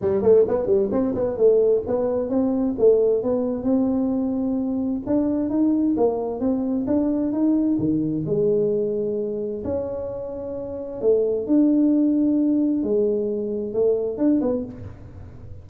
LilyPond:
\new Staff \with { instrumentName = "tuba" } { \time 4/4 \tempo 4 = 131 g8 a8 b8 g8 c'8 b8 a4 | b4 c'4 a4 b4 | c'2. d'4 | dis'4 ais4 c'4 d'4 |
dis'4 dis4 gis2~ | gis4 cis'2. | a4 d'2. | gis2 a4 d'8 b8 | }